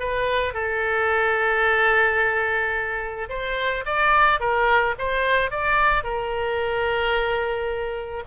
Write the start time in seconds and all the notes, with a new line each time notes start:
0.00 B4
0.54 A4
3.30 C5
3.86 D5
4.40 A#4
4.99 C5
5.51 D5
6.04 A#4